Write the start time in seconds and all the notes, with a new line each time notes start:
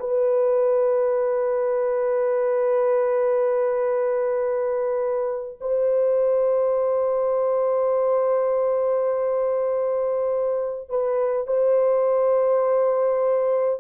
0.00 B4
5.61 C5
10.90 B4
11.48 C5